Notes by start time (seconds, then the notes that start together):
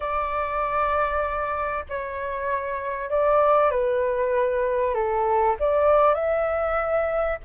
0.00 D5
1.89 C#5
3.10 D5
3.70 B4
4.94 A4
5.59 D5
6.14 E5